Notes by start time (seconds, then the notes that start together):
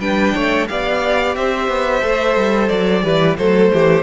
0.00 G3 D4 B4 G5
0.35 A3 C#5
0.68 B3 G4 D5 F5
1.36 C4 C5 E5
1.69 B3
2.02 A3 A4
2.37 G3
2.69 F#3 D5
3.03 E3 G3 B4
3.38 F#3 A3 A4 C5
3.73 E3 G4